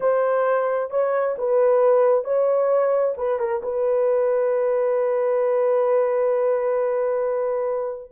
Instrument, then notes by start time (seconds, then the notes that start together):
horn
0.00 C5
0.90 C#5
1.37 B4
2.24 C#5
3.17 B4
3.39 A#4
3.63 B4